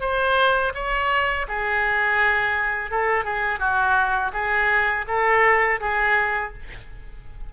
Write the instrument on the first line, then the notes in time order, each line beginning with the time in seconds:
oboe
0.00 C5
0.74 C#5
1.48 G#4
2.90 A4
3.24 G#4
3.59 F#4
4.32 G#4
5.07 A4
5.80 G#4